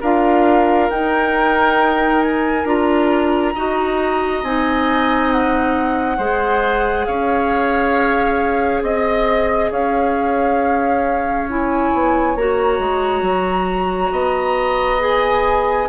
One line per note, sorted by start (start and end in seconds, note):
0.00 0.90 D4
0.00 0.91 F4
0.00 3.53 A#4
0.00 0.90 F5
0.90 2.65 D#4
0.90 2.22 G5
2.22 2.66 G#5
2.65 3.53 D4
2.65 3.53 F4
2.65 4.44 A#5
3.54 4.43 D#4
3.54 4.44 F#4
3.54 6.17 D#5
4.43 6.18 C4
4.43 6.17 D#4
4.43 5.31 G#5
5.31 7.05 F#5
6.17 7.06 G#3
6.17 11.47 G#4
6.17 7.05 C5
7.05 8.82 C#4
7.05 8.83 C#5
7.05 8.82 F5
8.82 9.70 C4
8.82 9.71 D#5
9.71 11.92 C#4
9.71 14.12 C#5
9.71 11.48 F5
11.49 12.37 E4
11.49 12.36 G#5
11.93 12.35 B3
12.35 12.79 A#3
12.35 14.99 F#4
12.35 15.01 A#5
12.79 13.21 G#3
13.21 14.10 F#3
14.11 15.88 B3
14.11 15.88 D#5
14.99 15.87 G#4
14.99 15.89 G#5